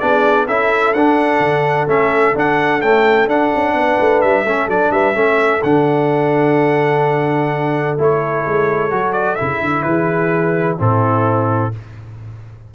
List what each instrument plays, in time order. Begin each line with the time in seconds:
0.00 tuba B3, trombone D4, horn G#4, trumpet D5
0.48 tuba C#4, trombone E4, horn A4, trumpet E5
0.94 tuba D4, trombone D4, trumpet F#5
1.39 tuba D3
1.88 tuba A3, trombone C#4, trumpet E5
2.35 trombone D4, tuba D4, trumpet F#5
2.82 trombone A3, tuba C#4, trumpet G5
3.28 tuba D4, trombone D4, trumpet F#5
3.56 tuba C#4
3.74 tuba B3, horn B4
4.00 tuba A3
4.22 tuba G3, trumpet E5
4.45 tuba A3, trombone C#4, horn A4
4.67 tuba F#3, trombone D4, trumpet D5
4.92 tuba G3, horn B4, trumpet E5
5.14 tuba A3, trombone C#4, horn A4
5.63 tuba D3, trombone D4, trumpet F#5
7.98 tuba A3, trombone E4, trumpet C#5
8.47 tuba G#3
8.91 tuba F#3, trombone F#4
9.13 trumpet D5
9.36 tuba C#3, trombone E4, trumpet E5
9.61 tuba D3
9.83 tuba E3, horn G#4, trumpet B4
10.78 tuba A2, trombone C4, horn E4, trumpet A4